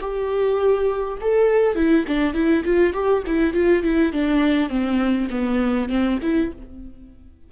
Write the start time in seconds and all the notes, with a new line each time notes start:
0.00 G4
1.21 A4
1.75 E4
2.07 D4
2.33 E4
2.64 F4
2.93 G4
3.26 E4
3.53 F4
3.83 E4
4.12 D4
4.69 C4
5.30 B3
5.89 C4
6.22 E4